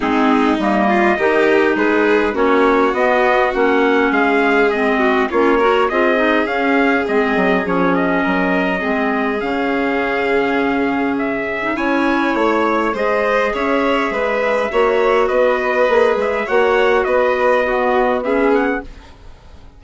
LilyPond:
<<
  \new Staff \with { instrumentName = "trumpet" } { \time 4/4 \tempo 4 = 102 gis'4 dis''2 b'4 | cis''4 dis''4 fis''4 f''4 | dis''4 cis''4 dis''4 f''4 | dis''4 cis''8 dis''2~ dis''8 |
f''2. e''4 | gis''4 cis''4 dis''4 e''4~ | e''2 dis''4. e''8 | fis''4 dis''2 e''8 fis''8 | }
  \new Staff \with { instrumentName = "violin" } { \time 4/4 dis'4. f'8 g'4 gis'4 | fis'2. gis'4~ | gis'8 fis'8 f'8 ais'8 gis'2~ | gis'2 ais'4 gis'4~ |
gis'1 | cis''2 c''4 cis''4 | b'4 cis''4 b'2 | cis''4 b'4 fis'4 gis'4 | }
  \new Staff \with { instrumentName = "clarinet" } { \time 4/4 c'4 ais4 dis'2 | cis'4 b4 cis'2 | c'4 cis'8 fis'8 f'8 dis'8 cis'4 | c'4 cis'2 c'4 |
cis'2.~ cis'8. dis'16 | e'2 gis'2~ | gis'4 fis'2 gis'4 | fis'2 b4 cis'4 | }
  \new Staff \with { instrumentName = "bassoon" } { \time 4/4 gis4 g4 dis4 gis4 | ais4 b4 ais4 gis4~ | gis4 ais4 c'4 cis'4 | gis8 fis8 f4 fis4 gis4 |
cis1 | cis'4 a4 gis4 cis'4 | gis4 ais4 b4 ais8 gis8 | ais4 b2. | }
>>